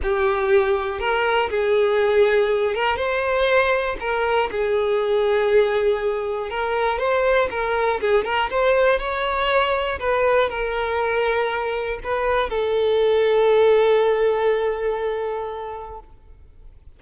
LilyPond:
\new Staff \with { instrumentName = "violin" } { \time 4/4 \tempo 4 = 120 g'2 ais'4 gis'4~ | gis'4. ais'8 c''2 | ais'4 gis'2.~ | gis'4 ais'4 c''4 ais'4 |
gis'8 ais'8 c''4 cis''2 | b'4 ais'2. | b'4 a'2.~ | a'1 | }